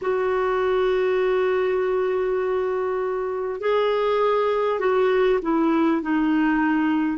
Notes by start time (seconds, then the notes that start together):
0.01 F#4
3.60 G#4
4.79 F#4
5.42 E4
6.02 D#4